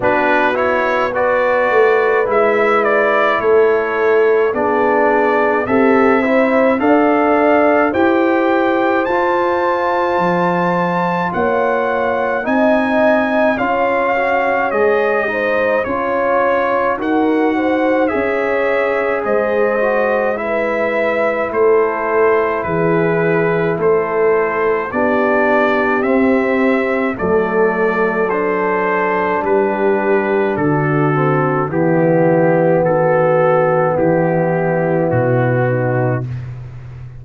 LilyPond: <<
  \new Staff \with { instrumentName = "trumpet" } { \time 4/4 \tempo 4 = 53 b'8 cis''8 d''4 e''8 d''8 cis''4 | d''4 e''4 f''4 g''4 | a''2 fis''4 gis''4 | f''4 dis''4 cis''4 fis''4 |
e''4 dis''4 e''4 c''4 | b'4 c''4 d''4 e''4 | d''4 c''4 b'4 a'4 | g'4 a'4 g'4 fis'4 | }
  \new Staff \with { instrumentName = "horn" } { \time 4/4 fis'4 b'2 a'4 | gis'4 g'8 c''8 d''4 c''4~ | c''2 cis''4 dis''4 | cis''4. c''8 cis''4 ais'8 c''8 |
cis''4 c''4 b'4 a'4 | gis'4 a'4 g'2 | a'2 g'4 fis'4 | e'4 fis'4 e'4. dis'8 | }
  \new Staff \with { instrumentName = "trombone" } { \time 4/4 d'8 e'8 fis'4 e'2 | d'4 a'8 e'8 a'4 g'4 | f'2. dis'4 | f'8 fis'8 gis'8 dis'8 f'4 fis'4 |
gis'4. fis'8 e'2~ | e'2 d'4 c'4 | a4 d'2~ d'8 c'8 | b1 | }
  \new Staff \with { instrumentName = "tuba" } { \time 4/4 b4. a8 gis4 a4 | b4 c'4 d'4 e'4 | f'4 f4 ais4 c'4 | cis'4 gis4 cis'4 dis'4 |
cis'4 gis2 a4 | e4 a4 b4 c'4 | fis2 g4 d4 | e4 dis4 e4 b,4 | }
>>